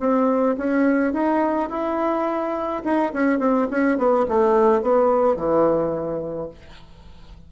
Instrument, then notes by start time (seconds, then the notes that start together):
bassoon
0.00 C4
0.58 C#4
1.13 D#4
1.70 E4
2.84 D#4
3.13 C#4
3.39 C4
3.71 C#4
3.98 B3
4.29 A3
4.82 B3
5.36 E3